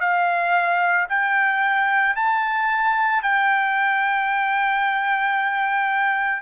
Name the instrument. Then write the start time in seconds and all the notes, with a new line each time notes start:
trumpet
0.00 F5
1.09 G5
2.16 A5
3.23 G5